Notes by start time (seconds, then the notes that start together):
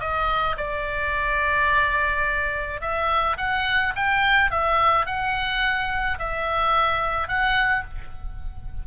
0.00 D#5
0.57 D5
2.81 E5
3.37 F#5
3.95 G5
4.51 E5
5.06 F#5
6.18 E5
7.28 F#5